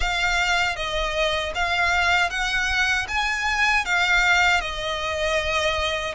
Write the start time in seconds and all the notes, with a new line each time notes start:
0.00 F5
0.76 D#5
1.55 F5
2.30 F#5
3.08 G#5
3.85 F5
4.60 D#5